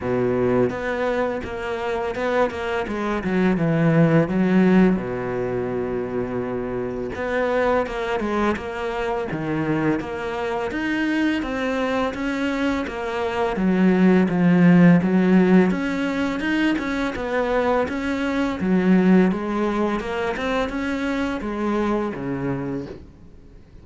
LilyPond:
\new Staff \with { instrumentName = "cello" } { \time 4/4 \tempo 4 = 84 b,4 b4 ais4 b8 ais8 | gis8 fis8 e4 fis4 b,4~ | b,2 b4 ais8 gis8 | ais4 dis4 ais4 dis'4 |
c'4 cis'4 ais4 fis4 | f4 fis4 cis'4 dis'8 cis'8 | b4 cis'4 fis4 gis4 | ais8 c'8 cis'4 gis4 cis4 | }